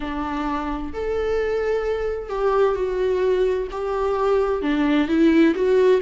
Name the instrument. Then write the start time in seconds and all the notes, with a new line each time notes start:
viola
0.00 D4
0.93 A4
2.29 G4
2.75 F#4
3.71 G4
4.62 D4
5.08 E4
5.54 F#4